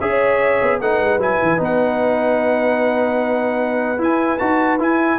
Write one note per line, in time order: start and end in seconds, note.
0.00 0.61 C#4
0.00 0.81 G#4
0.00 0.80 C#5
0.00 0.80 E5
0.62 0.80 B3
0.80 1.00 A3
0.80 1.20 D#4
0.80 5.19 B4
0.80 1.21 F#5
1.00 1.18 G#3
1.18 1.38 F#3
1.18 1.58 E4
1.18 1.61 G#5
1.42 1.60 E3
1.58 3.99 B3
1.58 3.98 D#4
1.64 4.03 F#5
3.98 4.38 E4
3.98 4.39 E4
3.98 4.38 G#5
4.38 4.80 D#4
4.38 4.79 F#4
4.38 4.78 A5
4.79 5.19 E4
4.79 5.19 G#5